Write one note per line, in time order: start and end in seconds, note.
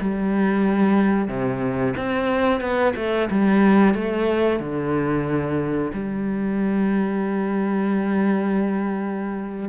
0.00 1.28 G3
1.28 1.94 C3
1.97 2.61 C4
2.61 2.94 B3
2.96 3.29 A3
3.30 3.94 G3
3.94 4.60 A3
4.60 5.92 D3
5.93 9.69 G3